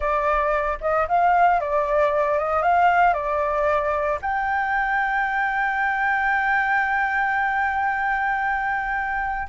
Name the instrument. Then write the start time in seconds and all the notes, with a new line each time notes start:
flute
0.00 D5
0.80 D#5
1.07 F5
1.60 D5
2.38 D#5
2.62 F5
3.13 D5
4.21 G5